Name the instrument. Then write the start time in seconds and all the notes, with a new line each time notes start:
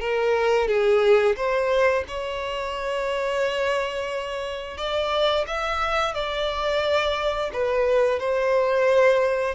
violin
0.00 A#4
0.68 G#4
1.36 C5
2.07 C#5
4.77 D5
5.47 E5
6.14 D5
7.53 B4
8.19 C5